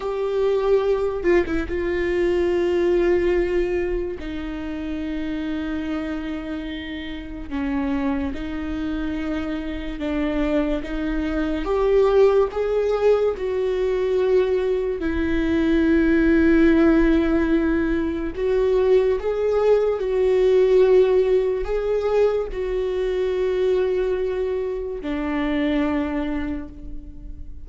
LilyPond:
\new Staff \with { instrumentName = "viola" } { \time 4/4 \tempo 4 = 72 g'4. f'16 e'16 f'2~ | f'4 dis'2.~ | dis'4 cis'4 dis'2 | d'4 dis'4 g'4 gis'4 |
fis'2 e'2~ | e'2 fis'4 gis'4 | fis'2 gis'4 fis'4~ | fis'2 d'2 | }